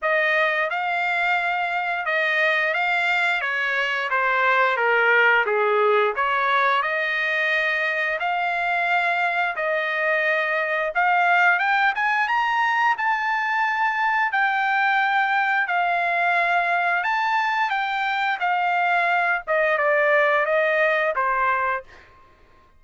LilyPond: \new Staff \with { instrumentName = "trumpet" } { \time 4/4 \tempo 4 = 88 dis''4 f''2 dis''4 | f''4 cis''4 c''4 ais'4 | gis'4 cis''4 dis''2 | f''2 dis''2 |
f''4 g''8 gis''8 ais''4 a''4~ | a''4 g''2 f''4~ | f''4 a''4 g''4 f''4~ | f''8 dis''8 d''4 dis''4 c''4 | }